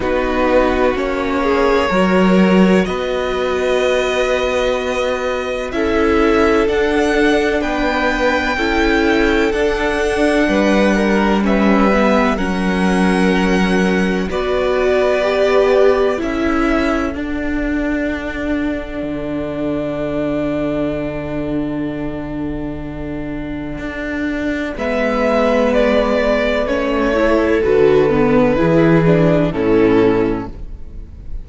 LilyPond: <<
  \new Staff \with { instrumentName = "violin" } { \time 4/4 \tempo 4 = 63 b'4 cis''2 dis''4~ | dis''2 e''4 fis''4 | g''2 fis''2 | e''4 fis''2 d''4~ |
d''4 e''4 fis''2~ | fis''1~ | fis''2 e''4 d''4 | cis''4 b'2 a'4 | }
  \new Staff \with { instrumentName = "violin" } { \time 4/4 fis'4. gis'8 ais'4 b'4~ | b'2 a'2 | b'4 a'2 b'8 ais'8 | b'4 ais'2 b'4~ |
b'4 a'2.~ | a'1~ | a'2 b'2~ | b'8 a'4. gis'4 e'4 | }
  \new Staff \with { instrumentName = "viola" } { \time 4/4 dis'4 cis'4 fis'2~ | fis'2 e'4 d'4~ | d'4 e'4 d'2 | cis'8 b8 cis'2 fis'4 |
g'4 e'4 d'2~ | d'1~ | d'2 b2 | cis'8 e'8 fis'8 b8 e'8 d'8 cis'4 | }
  \new Staff \with { instrumentName = "cello" } { \time 4/4 b4 ais4 fis4 b4~ | b2 cis'4 d'4 | b4 cis'4 d'4 g4~ | g4 fis2 b4~ |
b4 cis'4 d'2 | d1~ | d4 d'4 gis2 | a4 d4 e4 a,4 | }
>>